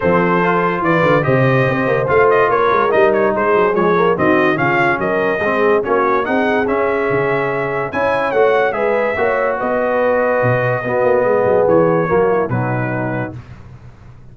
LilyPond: <<
  \new Staff \with { instrumentName = "trumpet" } { \time 4/4 \tempo 4 = 144 c''2 d''4 dis''4~ | dis''4 f''8 dis''8 cis''4 dis''8 cis''8 | c''4 cis''4 dis''4 f''4 | dis''2 cis''4 fis''4 |
e''2. gis''4 | fis''4 e''2 dis''4~ | dis''1 | cis''2 b'2 | }
  \new Staff \with { instrumentName = "horn" } { \time 4/4 a'2 b'4 c''4~ | c''2 ais'2 | gis'2 fis'4 f'4 | ais'4 gis'4 fis'4 gis'4~ |
gis'2. cis''4~ | cis''4 b'4 cis''4 b'4~ | b'2 fis'4 gis'4~ | gis'4 fis'8 e'8 dis'2 | }
  \new Staff \with { instrumentName = "trombone" } { \time 4/4 c'4 f'2 g'4~ | g'4 f'2 dis'4~ | dis'4 gis8 ais8 c'4 cis'4~ | cis'4 c'4 cis'4 dis'4 |
cis'2. e'4 | fis'4 gis'4 fis'2~ | fis'2 b2~ | b4 ais4 fis2 | }
  \new Staff \with { instrumentName = "tuba" } { \time 4/4 f2 e8 d8 c4 | c'8 ais8 a4 ais8 gis8 g4 | gis8 fis8 f4 dis4 cis4 | fis4 gis4 ais4 c'4 |
cis'4 cis2 cis'4 | a4 gis4 ais4 b4~ | b4 b,4 b8 ais8 gis8 fis8 | e4 fis4 b,2 | }
>>